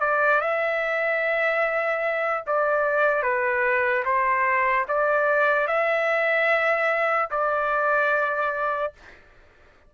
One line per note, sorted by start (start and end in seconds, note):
0.00 0.41 D5
0.41 2.44 E5
2.47 3.22 D5
3.22 4.04 B4
4.05 4.86 C5
4.88 5.67 D5
5.67 7.29 E5
7.30 8.93 D5